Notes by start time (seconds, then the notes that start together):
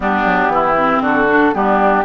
0.00 G3 B3 D4 G4
0.24 F#3
0.47 E3 E4
0.76 C4
1.00 D3 F#4 A4
1.28 D4
1.53 G3 B3 D4 G4